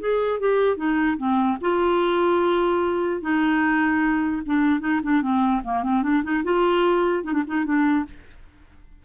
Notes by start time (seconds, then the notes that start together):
0.00 G#4
0.40 G4
0.77 D#4
1.17 C4
1.61 F4
3.21 D#4
4.46 D4
4.80 D#4
5.03 D4
5.22 C4
5.64 A#3
5.83 C4
6.03 D4
6.23 D#4
6.44 F4
7.24 D#4
7.33 D4
7.47 D#4
7.65 D4